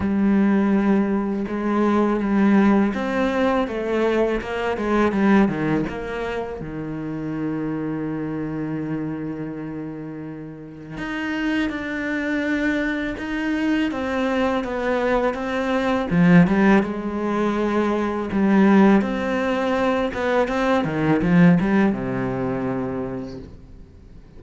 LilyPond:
\new Staff \with { instrumentName = "cello" } { \time 4/4 \tempo 4 = 82 g2 gis4 g4 | c'4 a4 ais8 gis8 g8 dis8 | ais4 dis2.~ | dis2. dis'4 |
d'2 dis'4 c'4 | b4 c'4 f8 g8 gis4~ | gis4 g4 c'4. b8 | c'8 dis8 f8 g8 c2 | }